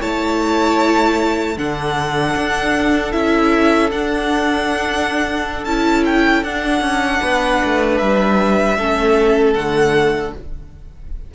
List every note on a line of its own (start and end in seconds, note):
0.00 1.57 A3
0.00 1.56 E4
0.00 1.56 C#5
0.00 1.57 A5
1.56 2.35 D3
1.56 3.11 D4
1.56 7.21 A4
1.56 3.12 F#5
2.36 3.13 D4
3.11 3.91 C#4
3.11 3.89 E4
3.11 3.90 E5
3.91 5.65 D4
3.91 5.66 D4
3.91 5.64 F#5
5.64 6.43 C#4
5.64 6.45 E4
5.64 6.03 A5
6.05 6.44 G5
6.43 6.81 D4
6.43 8.79 D4
6.43 7.98 F#5
6.81 7.20 C#4
7.21 7.62 B3
7.21 8.77 B4
7.64 8.00 A3
7.98 8.77 G3
7.98 9.53 E5
8.77 9.55 A3
8.77 9.56 C#4
8.77 10.34 A4
9.54 10.33 D3
9.54 10.34 A3
9.54 10.32 F#5